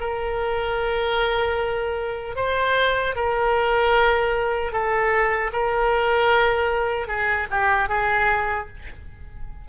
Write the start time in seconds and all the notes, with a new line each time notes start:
0.00 A#4
2.36 C5
3.15 A#4
4.72 A4
5.52 A#4
7.07 G#4
7.50 G4
7.88 G#4